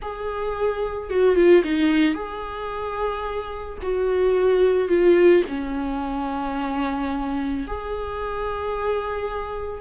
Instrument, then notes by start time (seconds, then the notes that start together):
viola
0.01 G#4
1.10 F#4
1.35 F4
1.64 D#4
2.14 G#4
3.82 F#4
4.88 F4
5.48 C#4
7.67 G#4